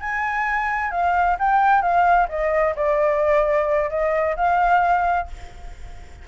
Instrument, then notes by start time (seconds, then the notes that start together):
flute
0.00 G#5
0.91 F5
1.39 G5
1.81 F5
2.28 D#5
2.75 D5
3.90 D#5
4.36 F5